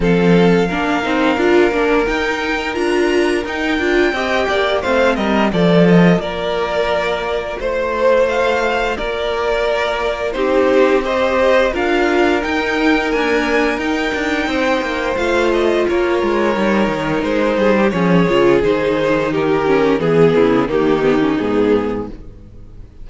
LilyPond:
<<
  \new Staff \with { instrumentName = "violin" } { \time 4/4 \tempo 4 = 87 f''2. g''4 | ais''4 g''2 f''8 dis''8 | d''8 dis''8 d''2 c''4 | f''4 d''2 c''4 |
dis''4 f''4 g''4 gis''4 | g''2 f''8 dis''8 cis''4~ | cis''4 c''4 cis''4 c''4 | ais'4 gis'4 g'4 gis'4 | }
  \new Staff \with { instrumentName = "violin" } { \time 4/4 a'4 ais'2.~ | ais'2 dis''8 d''8 c''8 ais'8 | a'4 ais'2 c''4~ | c''4 ais'2 g'4 |
c''4 ais'2.~ | ais'4 c''2 ais'4~ | ais'4. gis'16 g'16 gis'2 | g'4 gis'8 e'8 dis'2 | }
  \new Staff \with { instrumentName = "viola" } { \time 4/4 c'4 d'8 dis'8 f'8 d'8 dis'4 | f'4 dis'8 f'8 g'4 c'4 | f'1~ | f'2. dis'4 |
g'4 f'4 dis'4 ais4 | dis'2 f'2 | dis'2 cis'8 f'8 dis'4~ | dis'8 cis'8 b4 ais8 b16 cis'16 b4 | }
  \new Staff \with { instrumentName = "cello" } { \time 4/4 f4 ais8 c'8 d'8 ais8 dis'4 | d'4 dis'8 d'8 c'8 ais8 a8 g8 | f4 ais2 a4~ | a4 ais2 c'4~ |
c'4 d'4 dis'4 d'4 | dis'8 d'8 c'8 ais8 a4 ais8 gis8 | g8 dis8 gis8 g8 f8 cis8 dis4~ | dis4 e8 cis8 dis4 gis,4 | }
>>